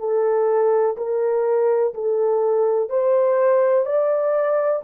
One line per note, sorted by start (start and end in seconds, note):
0.00 0.97 A4
0.97 1.94 A#4
1.94 2.90 A4
2.90 3.86 C5
3.86 4.83 D5